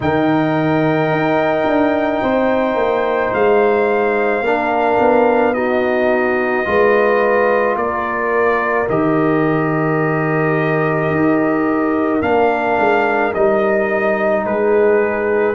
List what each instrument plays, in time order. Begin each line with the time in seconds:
0.00 tuba D#3, trombone D#4, horn A#4, trumpet G5
1.11 tuba D#4
1.66 tuba D4
2.22 tuba C4, horn C5
2.75 tuba A#3
3.33 tuba G#3, trumpet F5
4.41 tuba A#3, trombone D4, horn A#4
4.99 tuba B3
5.53 trombone D#4, horn F#4, trumpet D#5
6.64 tuba G#3, trombone F4, horn B4
7.76 tuba A#3, horn A#4, trumpet D5
8.88 tuba D#3, trombone G4, trumpet D#5
11.10 tuba D#4
12.22 tuba A#3, trombone D4, trumpet F5
12.78 tuba G#3
13.34 tuba G3, trombone D#4, trumpet D#5
14.44 tuba G#3, horn G#4, trumpet B4